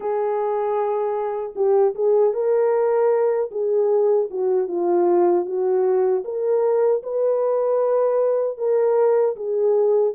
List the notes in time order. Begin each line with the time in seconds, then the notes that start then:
0.00 G#4
1.55 G4
1.94 G#4
2.33 A#4
3.51 G#4
4.30 F#4
4.67 F4
5.45 F#4
6.24 A#4
7.03 B4
8.57 A#4
9.36 G#4